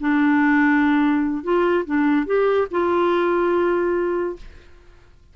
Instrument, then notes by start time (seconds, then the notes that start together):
clarinet
0.00 D4
1.43 F4
1.85 D4
2.26 G4
2.71 F4